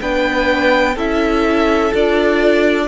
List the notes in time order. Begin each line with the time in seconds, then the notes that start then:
0.00 B3 D4 B4 G5
0.94 C#4 E4 A4 E5
1.93 D4 F4 D5